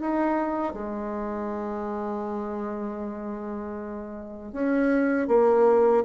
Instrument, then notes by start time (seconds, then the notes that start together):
bassoon
0.00 D#4
0.73 G#3
4.52 C#4
5.28 A#3